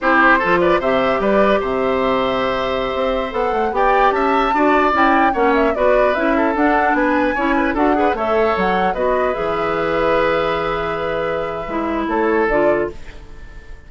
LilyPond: <<
  \new Staff \with { instrumentName = "flute" } { \time 4/4 \tempo 4 = 149 c''4. d''8 e''4 d''4 | e''1~ | e''16 fis''4 g''4 a''4.~ a''16~ | a''16 g''4 fis''8 e''8 d''4 e''8.~ |
e''16 fis''4 gis''2 fis''8.~ | fis''16 e''4 fis''4 dis''4 e''8.~ | e''1~ | e''2 cis''4 d''4 | }
  \new Staff \with { instrumentName = "oboe" } { \time 4/4 g'4 a'8 b'8 c''4 b'4 | c''1~ | c''4~ c''16 d''4 e''4 d''8.~ | d''4~ d''16 cis''4 b'4. a'16~ |
a'4~ a'16 b'4 cis''8 b'8 a'8 b'16~ | b'16 cis''2 b'4.~ b'16~ | b'1~ | b'2 a'2 | }
  \new Staff \with { instrumentName = "clarinet" } { \time 4/4 e'4 f'4 g'2~ | g'1~ | g'16 a'4 g'2 fis'8.~ | fis'16 e'4 cis'4 fis'4 e'8.~ |
e'16 d'2 e'4 fis'8 gis'16~ | gis'16 a'2 fis'4 gis'8.~ | gis'1~ | gis'4 e'2 f'4 | }
  \new Staff \with { instrumentName = "bassoon" } { \time 4/4 c'4 f4 c4 g4 | c2.~ c16 c'8.~ | c'16 b8 a8 b4 cis'4 d'8.~ | d'16 cis'4 ais4 b4 cis'8.~ |
cis'16 d'4 b4 cis'4 d'8.~ | d'16 a4 fis4 b4 e8.~ | e1~ | e4 gis4 a4 d4 | }
>>